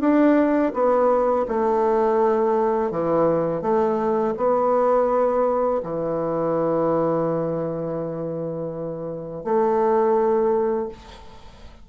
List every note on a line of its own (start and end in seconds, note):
0.00 0.72 D4
0.73 1.46 B3
1.48 2.91 A3
2.91 3.61 E3
3.61 4.34 A3
4.36 5.81 B3
5.83 9.44 E3
9.44 10.88 A3